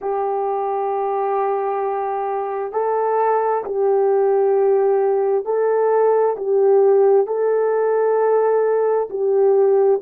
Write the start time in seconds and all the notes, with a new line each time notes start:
0.01 G4
2.72 A4
3.64 G4
5.45 A4
6.36 G4
7.26 A4
9.10 G4